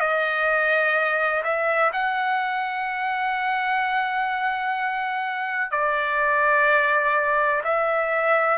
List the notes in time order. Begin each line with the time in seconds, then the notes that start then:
0.00 D#5
1.43 E5
1.93 F#5
5.71 D5
7.64 E5